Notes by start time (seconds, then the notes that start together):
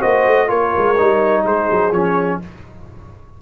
0.00 A#3 F#4 C5 D#5
0.26 A3
0.47 A#3 F4 A#4 C#5
0.77 G#3
0.98 G3 D#4
1.43 G#3 G#4 C5
1.71 F#3
1.91 F3 C#4 C#5